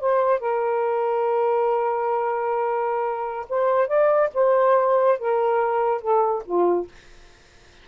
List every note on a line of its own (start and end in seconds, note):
0.00 0.40 C5
0.40 3.46 A#4
3.49 3.88 C5
3.88 4.30 D5
4.34 5.19 C5
5.19 6.01 A#4
6.01 6.43 A4
6.45 6.88 F4